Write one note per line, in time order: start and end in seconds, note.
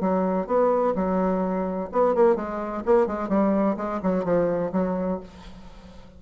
0.00 0.46 F#3
0.46 0.94 B3
0.95 1.89 F#3
1.92 2.14 B3
2.14 2.35 A#3
2.35 2.83 G#3
2.85 3.06 A#3
3.06 3.29 G#3
3.29 3.76 G3
3.76 4.00 G#3
4.03 4.24 F#3
4.24 4.71 F3
4.72 5.19 F#3